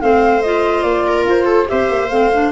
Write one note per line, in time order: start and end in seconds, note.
0.00 0.83 A3
0.00 0.42 C4
0.00 1.08 C5
0.00 0.42 F5
0.42 1.67 F4
0.42 0.82 D#5
0.82 1.25 A#3
0.82 1.24 D5
1.08 1.45 A#4
1.25 1.67 F4
1.25 1.69 C5
1.45 1.66 A4
1.67 1.90 C4
1.67 2.08 G4
1.67 2.52 C5
1.67 2.10 E5
1.90 2.11 A#3
2.10 2.52 A3
2.10 2.31 C4
2.10 2.52 F5
2.33 2.52 D4